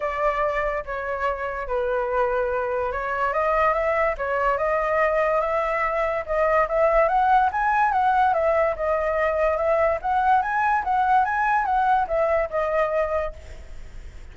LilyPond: \new Staff \with { instrumentName = "flute" } { \time 4/4 \tempo 4 = 144 d''2 cis''2 | b'2. cis''4 | dis''4 e''4 cis''4 dis''4~ | dis''4 e''2 dis''4 |
e''4 fis''4 gis''4 fis''4 | e''4 dis''2 e''4 | fis''4 gis''4 fis''4 gis''4 | fis''4 e''4 dis''2 | }